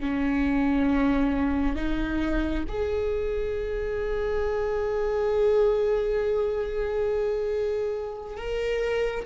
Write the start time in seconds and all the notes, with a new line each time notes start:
0.00 C#4
1.76 D#4
2.68 G#4
8.37 A#4